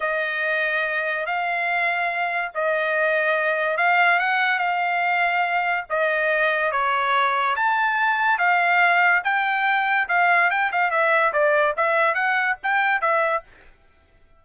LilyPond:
\new Staff \with { instrumentName = "trumpet" } { \time 4/4 \tempo 4 = 143 dis''2. f''4~ | f''2 dis''2~ | dis''4 f''4 fis''4 f''4~ | f''2 dis''2 |
cis''2 a''2 | f''2 g''2 | f''4 g''8 f''8 e''4 d''4 | e''4 fis''4 g''4 e''4 | }